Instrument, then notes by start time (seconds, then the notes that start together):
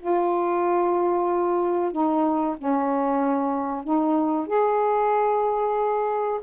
saxophone
0.00 F4
1.92 D#4
2.58 C#4
3.84 D#4
4.47 G#4